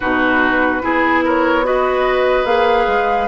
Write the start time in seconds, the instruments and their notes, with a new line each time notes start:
0.00 bassoon B2, clarinet D#4, oboe F#4, flute B4
0.81 bassoon B3, clarinet E4, oboe G#4
1.24 oboe A#4, flute C#5
1.63 clarinet F#4, oboe B4, flute D#5
2.44 bassoon A#3, clarinet G#4, flute F5
2.87 bassoon G#3